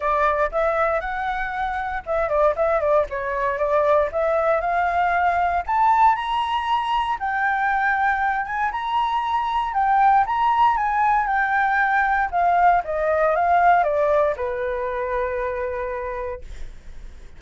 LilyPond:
\new Staff \with { instrumentName = "flute" } { \time 4/4 \tempo 4 = 117 d''4 e''4 fis''2 | e''8 d''8 e''8 d''8 cis''4 d''4 | e''4 f''2 a''4 | ais''2 g''2~ |
g''8 gis''8 ais''2 g''4 | ais''4 gis''4 g''2 | f''4 dis''4 f''4 d''4 | b'1 | }